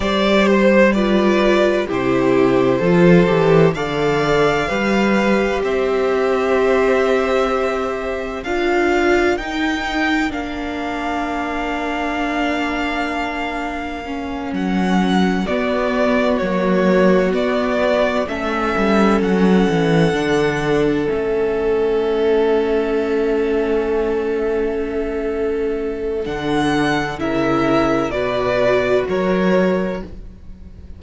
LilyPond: <<
  \new Staff \with { instrumentName = "violin" } { \time 4/4 \tempo 4 = 64 d''8 c''8 d''4 c''2 | f''2 e''2~ | e''4 f''4 g''4 f''4~ | f''2.~ f''8 fis''8~ |
fis''8 d''4 cis''4 d''4 e''8~ | e''8 fis''2 e''4.~ | e''1 | fis''4 e''4 d''4 cis''4 | }
  \new Staff \with { instrumentName = "violin" } { \time 4/4 c''4 b'4 g'4 a'4 | d''4 b'4 c''2~ | c''4 ais'2.~ | ais'1~ |
ais'8 fis'2. a'8~ | a'1~ | a'1~ | a'4 ais'4 b'4 ais'4 | }
  \new Staff \with { instrumentName = "viola" } { \time 4/4 g'4 f'4 e'4 f'8 g'8 | a'4 g'2.~ | g'4 f'4 dis'4 d'4~ | d'2. cis'4~ |
cis'8 b4 ais4 b4 cis'8~ | cis'4. d'4 cis'4.~ | cis'1 | d'4 e'4 fis'2 | }
  \new Staff \with { instrumentName = "cello" } { \time 4/4 g2 c4 f8 e8 | d4 g4 c'2~ | c'4 d'4 dis'4 ais4~ | ais2.~ ais8 fis8~ |
fis8 b4 fis4 b4 a8 | g8 fis8 e8 d4 a4.~ | a1 | d4 cis4 b,4 fis4 | }
>>